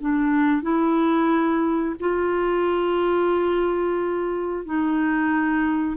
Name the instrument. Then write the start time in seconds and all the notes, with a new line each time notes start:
clarinet
0.00 D4
0.62 E4
2.00 F4
4.65 D#4